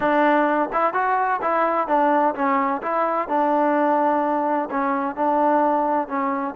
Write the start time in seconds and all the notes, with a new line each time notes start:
0.00 D4
0.72 E4
0.93 F#4
1.41 E4
1.87 D4
2.34 C#4
2.82 E4
3.28 D4
4.70 C#4
5.15 D4
6.08 C#4